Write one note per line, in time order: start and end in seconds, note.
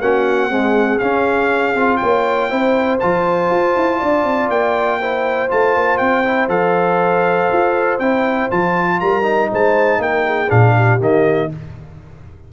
0.00 0.49 A#3
0.00 0.50 C#4
0.00 0.49 F#4
0.00 0.99 F#5
0.49 1.00 G#3
0.49 0.99 C4
0.49 1.99 G#4
0.99 1.75 C#4
0.99 1.97 F5
1.75 2.00 C4
1.75 2.49 F4
1.97 2.51 A#3
1.97 2.50 C#5
1.97 2.97 G5
2.49 3.01 C4
2.49 2.99 E4
2.49 3.99 C5
2.99 3.50 F3
2.99 5.01 F4
2.99 4.49 A5
3.50 3.75 F4
3.76 4.01 E4
3.99 4.24 D4
3.99 4.99 D5
4.24 4.48 C4
4.48 5.48 A#3
4.48 5.50 G5
5.00 5.48 E4
5.00 9.00 C5
5.48 5.75 A3
5.48 6.23 F4
5.48 5.97 A5
5.75 6.00 A#3
5.97 6.48 C4
5.97 6.47 G5
6.24 6.48 E4
6.48 7.48 F3
6.48 7.98 A4
6.48 7.99 F5
7.52 7.98 F4
7.98 8.48 C4
7.98 8.50 E4
7.98 8.49 G5
8.50 9.01 F3
8.50 9.22 F4
8.50 9.00 A5
9.00 9.51 G3
9.00 9.50 A#4
9.00 9.50 A#5
9.22 10.47 D#4
9.51 9.98 G#3
9.51 9.99 C5
9.51 10.02 A5
9.98 10.48 A#3
9.98 10.24 A#4
9.98 10.50 G5
10.25 10.75 G#4
10.49 11.00 A#2
10.49 10.99 D4
10.49 11.00 F5
10.75 11.50 G4
10.99 11.50 D#3
10.99 11.49 A#3
10.99 11.52 D#5